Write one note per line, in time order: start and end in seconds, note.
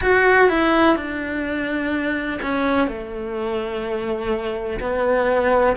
0.01 0.49 F#4
0.49 0.96 E4
0.96 2.40 D4
2.42 2.87 C#4
2.87 4.79 A3
4.80 5.76 B3